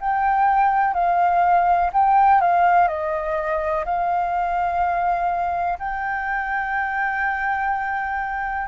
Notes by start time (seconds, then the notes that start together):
0.00 G5
0.94 F5
1.93 G5
2.41 F5
2.88 D#5
3.85 F5
5.79 G5